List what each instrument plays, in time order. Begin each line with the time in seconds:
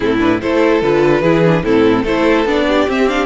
0.00 cello A2, viola C4, violin E4 A4
0.19 viola D4, violin B4
0.41 cello A3, viola E4, violin A4 C5
0.81 cello D3, viola F4, violin B4
1.21 cello E3, viola E4, violin G#4
1.44 viola D4
1.63 cello A2, viola C4, violin E4 A4
2.03 cello A3, viola E4, violin A4 C5
2.45 cello B3, viola D4, violin D5
2.68 violin G4
2.87 viola C4, cello C4, violin E5
3.07 viola D4, violin F5